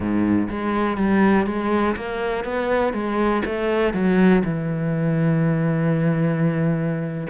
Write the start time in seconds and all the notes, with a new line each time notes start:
0.00 G#2
0.49 G#3
0.97 G3
1.46 G#3
1.96 A#3
2.44 B3
2.93 G#3
3.45 A3
3.93 F#3
4.44 E3